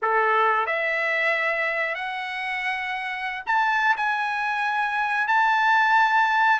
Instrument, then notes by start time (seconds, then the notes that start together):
trumpet
0.02 A4
0.66 E5
1.95 F#5
3.46 A5
3.97 G#5
5.27 A5